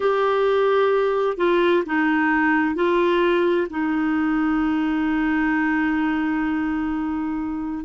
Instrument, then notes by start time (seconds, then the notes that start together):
clarinet
0.00 G4
1.37 F4
1.86 D#4
2.75 F4
3.70 D#4